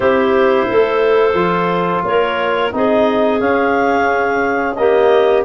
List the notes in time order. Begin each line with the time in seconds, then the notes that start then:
0.00 C4 E4 G4 C5
0.67 A3 A4
1.34 F3 F4
2.03 A#3 A#4 C#5
2.71 C4 D#4 G#4 D#5
3.39 C#4 F5
4.74 A#3 G4 D#5